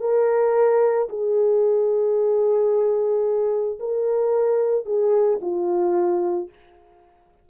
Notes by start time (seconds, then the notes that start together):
0.00 A#4
1.09 G#4
3.79 A#4
4.85 G#4
5.41 F4